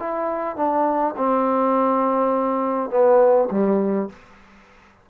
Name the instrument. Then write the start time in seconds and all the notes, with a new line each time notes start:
trombone
0.00 E4
0.57 D4
1.17 C4
2.90 B3
3.51 G3